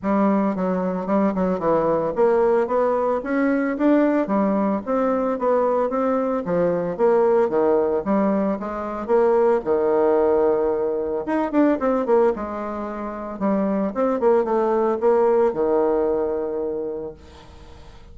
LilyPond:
\new Staff \with { instrumentName = "bassoon" } { \time 4/4 \tempo 4 = 112 g4 fis4 g8 fis8 e4 | ais4 b4 cis'4 d'4 | g4 c'4 b4 c'4 | f4 ais4 dis4 g4 |
gis4 ais4 dis2~ | dis4 dis'8 d'8 c'8 ais8 gis4~ | gis4 g4 c'8 ais8 a4 | ais4 dis2. | }